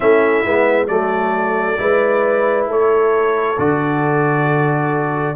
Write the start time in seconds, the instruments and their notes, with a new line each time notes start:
0.00 tuba A3, trombone C#4, horn E4, trumpet E5
0.45 tuba G#3, trombone B3
0.87 tuba F#3, trombone A3, horn A4, trumpet D5
1.77 tuba G#3, trombone E4, horn B4
2.67 tuba A3, horn A4, trumpet C#5
3.58 tuba D3, trombone F#4, trumpet D5